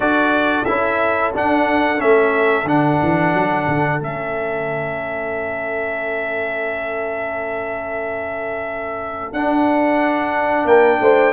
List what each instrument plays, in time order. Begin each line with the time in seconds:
0.00 tuba D4, trombone F#4, horn A4, trumpet D5
0.65 tuba C#4, trombone E4, trumpet E5
1.33 trombone D4, tuba D4, trumpet F#5
1.97 tuba A3, trombone C#4, trumpet E5
2.64 tuba D3, trombone D4, trumpet F#5
3.02 tuba E3
3.33 tuba F#3
3.67 tuba D3
3.99 tuba A3, trombone C#4, trumpet E5
9.32 tuba D4, trombone D4, trumpet F#5
10.64 tuba A#3, horn A#4, trumpet G5
11.00 tuba A3, horn C5